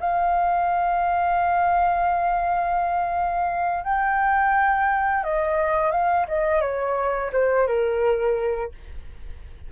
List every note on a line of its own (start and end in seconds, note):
0.00 3.84 F5
3.84 5.24 G5
5.24 5.91 D#5
5.91 6.26 F5
6.28 6.61 D#5
6.61 7.31 C#5
7.33 7.67 C5
7.67 8.71 A#4